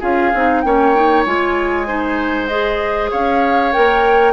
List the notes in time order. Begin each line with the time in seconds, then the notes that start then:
0.00 C#4 F4 G#4 F5
0.34 C4 D#4
0.62 A#3 C#4 C#5 G5
0.96 D#4
1.26 G#3 F4 G#5
1.87 D#4 C5
2.47 G#4 D#5
3.11 C#4 C#5 F5
3.72 A#3 A#4 G5